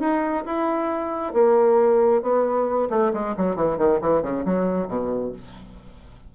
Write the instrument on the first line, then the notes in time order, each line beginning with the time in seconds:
bassoon
0.00 D#4
0.46 E4
1.34 A#3
2.22 B3
2.90 A3
3.13 G#3
3.37 F#3
3.56 E3
3.78 D#3
4.01 E3
4.22 C#3
4.45 F#3
4.88 B2